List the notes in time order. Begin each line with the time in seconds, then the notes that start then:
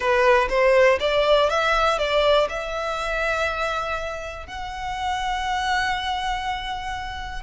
0.00 B4
0.49 C5
1.00 D5
1.49 E5
1.98 D5
2.49 E5
4.46 F#5